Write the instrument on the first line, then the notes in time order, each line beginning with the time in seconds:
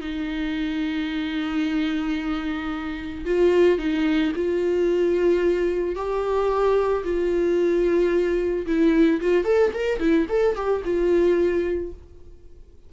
viola
0.00 D#4
3.25 F4
3.78 D#4
4.35 F4
5.95 G4
7.03 F4
8.66 E4
9.20 F4
9.44 A4
9.73 A#4
9.99 E4
10.29 A4
10.55 G4
10.84 F4